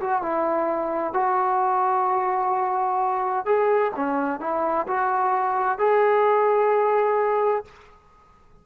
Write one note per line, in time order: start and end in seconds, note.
0.00 0.22 F#4
0.22 1.13 E4
1.13 3.45 F#4
3.45 3.92 G#4
3.95 4.40 C#4
4.40 4.86 E4
4.87 5.78 F#4
5.78 7.64 G#4